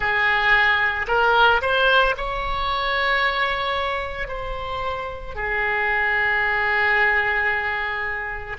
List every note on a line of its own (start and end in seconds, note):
0.00 1.06 G#4
1.07 1.61 A#4
1.61 2.15 C5
2.17 4.28 C#5
4.28 5.35 C5
5.35 8.56 G#4